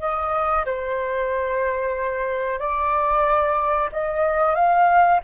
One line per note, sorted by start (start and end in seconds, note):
0.00 0.65 D#5
0.66 2.59 C5
2.59 3.90 D5
3.92 4.55 D#5
4.55 5.21 F5